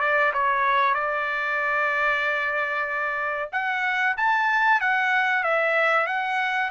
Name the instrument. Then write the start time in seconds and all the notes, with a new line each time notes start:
trumpet
0.00 D5
0.33 C#5
0.94 D5
3.52 F#5
4.17 A5
4.80 F#5
5.43 E5
6.06 F#5